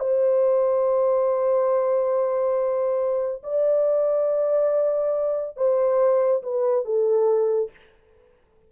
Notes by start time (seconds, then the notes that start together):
0.00 C5
3.44 D5
5.57 C5
6.43 B4
6.85 A4